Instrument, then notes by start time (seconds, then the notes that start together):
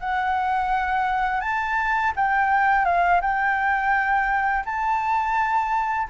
flute
0.00 F#5
1.41 A5
2.16 G5
2.85 F5
3.21 G5
4.65 A5